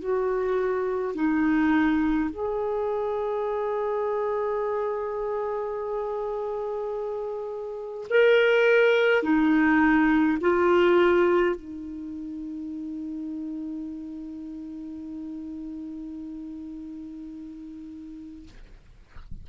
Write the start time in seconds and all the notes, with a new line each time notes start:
0.00 F#4
1.15 D#4
2.30 G#4
8.10 A#4
9.23 D#4
10.41 F4
11.55 D#4